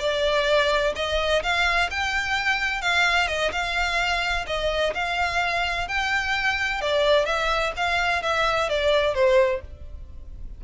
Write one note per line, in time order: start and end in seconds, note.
0.00 0.94 D5
0.96 1.43 D#5
1.43 1.90 F5
1.91 2.82 G5
2.82 3.28 F5
3.28 3.52 D#5
3.52 4.46 F5
4.47 4.94 D#5
4.95 5.88 F5
5.88 6.82 G5
6.82 7.26 D5
7.26 7.73 E5
7.77 8.23 F5
8.23 8.70 E5
8.70 9.15 D5
9.15 9.62 C5